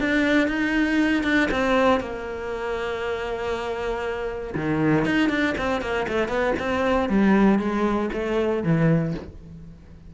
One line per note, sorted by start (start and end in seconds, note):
0.00 0.48 D4
0.48 1.24 D#4
1.24 1.49 D4
1.51 2.00 C4
2.00 4.55 A#3
4.55 5.06 D#3
5.06 5.30 D#4
5.30 5.55 D4
5.58 5.82 C4
5.82 6.07 A#3
6.08 6.28 A3
6.28 6.54 B3
6.59 7.09 C4
7.09 7.59 G3
7.59 8.10 G#3
8.13 8.63 A3
8.63 9.14 E3